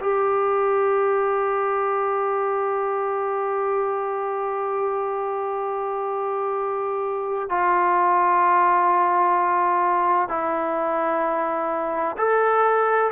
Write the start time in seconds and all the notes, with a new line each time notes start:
0.00 G4
7.49 F4
10.28 E4
12.17 A4